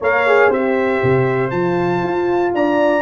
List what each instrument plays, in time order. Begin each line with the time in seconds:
0.00 tuba A#3, horn A#4 C#5, trumpet F5
0.26 horn G#4
0.49 tuba C4, horn G4 C5, trumpet E5
1.02 tuba C3
1.50 tuba F3, horn F4, trumpet A5
2.03 tuba F4
2.54 tuba D4, horn D5, trumpet A#5